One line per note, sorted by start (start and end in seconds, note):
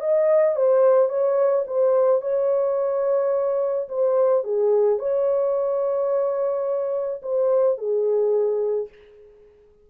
0.00 0.56 D#5
0.56 1.09 C5
1.09 1.64 C#5
1.67 2.21 C5
2.21 3.88 C#5
3.88 4.44 C5
4.44 4.99 G#4
4.99 7.21 C#5
7.22 7.77 C5
7.77 8.88 G#4